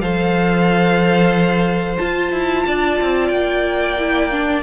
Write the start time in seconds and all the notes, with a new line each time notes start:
0.00 F3 A4 C5 F5
1.98 F4 A5
2.32 E4
2.66 D4 D5
3.01 C4
3.28 A#3 G5
3.98 E4
4.31 D4